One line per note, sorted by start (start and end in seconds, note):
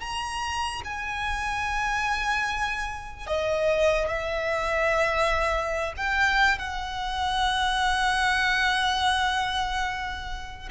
0.00 0.82 A#5
0.84 3.27 G#5
3.27 4.08 D#5
4.08 5.93 E5
5.97 6.58 G5
6.58 10.69 F#5